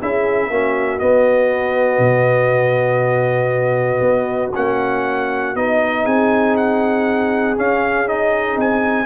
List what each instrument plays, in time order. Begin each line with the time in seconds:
0.00 tuba C#4, trombone E4, horn G#4, trumpet E5
0.51 tuba A#3, trombone C#4, horn F#4
0.99 trombone B3, tuba B3, trumpet D#5
1.99 tuba B2
4.02 tuba B3
4.55 tuba A#3, trombone C#4, trumpet F#5
5.56 tuba B3, trombone D#4, trumpet D#5
6.03 tuba C4, horn G#4, trumpet G#5
6.57 trumpet F#5
7.57 trombone C#4, tuba C#4, trumpet F5
8.07 trombone D#4, trumpet D#5
8.56 tuba C4, trumpet G#5